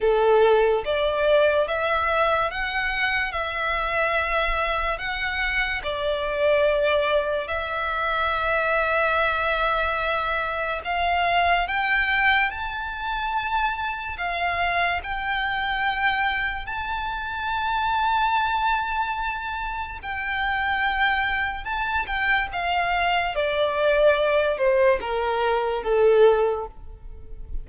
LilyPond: \new Staff \with { instrumentName = "violin" } { \time 4/4 \tempo 4 = 72 a'4 d''4 e''4 fis''4 | e''2 fis''4 d''4~ | d''4 e''2.~ | e''4 f''4 g''4 a''4~ |
a''4 f''4 g''2 | a''1 | g''2 a''8 g''8 f''4 | d''4. c''8 ais'4 a'4 | }